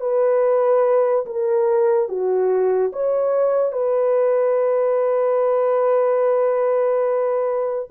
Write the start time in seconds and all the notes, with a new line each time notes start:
0.00 B4
1.26 A#4
2.08 F#4
2.92 C#5
3.72 B4